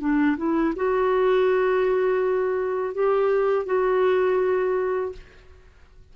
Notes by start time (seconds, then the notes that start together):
0.00 D4
0.37 E4
0.76 F#4
2.94 G4
3.66 F#4